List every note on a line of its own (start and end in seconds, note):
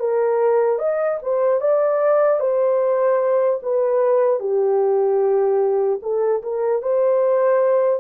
0.00 0.79 A#4
0.79 1.19 D#5
1.22 1.61 C5
1.61 2.40 D5
2.40 3.60 C5
3.63 4.40 B4
4.40 6.00 G4
6.02 6.42 A4
6.43 6.82 A#4
6.82 8.00 C5